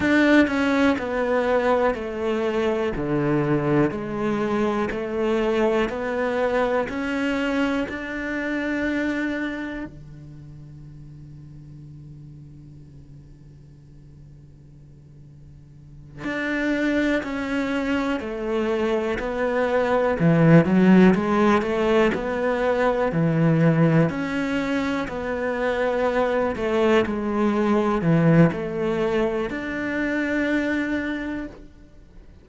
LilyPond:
\new Staff \with { instrumentName = "cello" } { \time 4/4 \tempo 4 = 61 d'8 cis'8 b4 a4 d4 | gis4 a4 b4 cis'4 | d'2 d2~ | d1~ |
d8 d'4 cis'4 a4 b8~ | b8 e8 fis8 gis8 a8 b4 e8~ | e8 cis'4 b4. a8 gis8~ | gis8 e8 a4 d'2 | }